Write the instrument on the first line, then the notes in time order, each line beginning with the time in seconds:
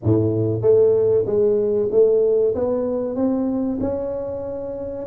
tuba
0.03 A2
0.61 A3
1.25 G#3
1.91 A3
2.54 B3
3.15 C4
3.80 C#4